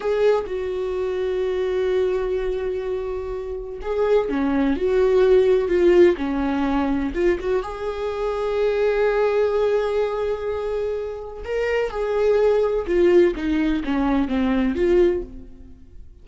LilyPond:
\new Staff \with { instrumentName = "viola" } { \time 4/4 \tempo 4 = 126 gis'4 fis'2.~ | fis'1 | gis'4 cis'4 fis'2 | f'4 cis'2 f'8 fis'8 |
gis'1~ | gis'1 | ais'4 gis'2 f'4 | dis'4 cis'4 c'4 f'4 | }